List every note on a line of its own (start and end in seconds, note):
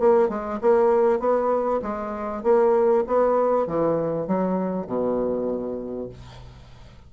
0.00 0.29 A#3
0.29 0.60 G#3
0.62 1.20 A#3
1.20 1.81 B3
1.82 2.44 G#3
2.44 3.05 A#3
3.07 3.67 B3
3.67 4.28 E3
4.28 4.87 F#3
4.87 6.10 B2